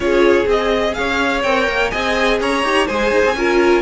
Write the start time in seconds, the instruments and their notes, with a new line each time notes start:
0.00 cello C#4, viola F4, violin G#4 C#5
0.46 cello C4, viola G#4, violin D#5
0.94 cello C#4, violin C#5 F5
1.43 cello C4, viola A#4, violin G5
1.67 cello A#3
1.90 cello C4, viola G#4, violin D#5 G#5
2.40 cello C#4, violin C#5 A#5
2.63 cello D#4, viola G4
2.86 cello G#3, viola G#4, violin C5 G#5
3.10 cello D#4
3.25 cello C4
3.34 cello C#4, viola F4, violin A#4